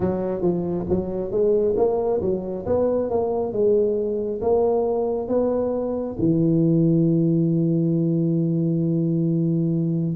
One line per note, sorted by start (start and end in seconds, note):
0.00 0.41 F#3
0.41 0.85 F3
0.89 1.31 F#3
1.31 1.75 G#3
1.76 2.21 A#3
2.21 2.65 F#3
2.66 3.10 B3
3.10 3.52 A#3
3.52 4.40 G#3
4.41 5.27 A#3
5.27 6.16 B3
6.18 10.16 E3